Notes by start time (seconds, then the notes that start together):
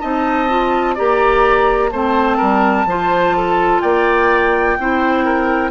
0.00 C4 D#4 D#5 A5
0.48 F4
0.94 A#3 G4 D5 A#5
1.91 A3 C4 C5 A5
2.37 G3 A#4
2.85 F3 F4 C5
3.36 A4
3.80 A#3 D5 G5
4.78 C4 E4 C5
5.25 A#4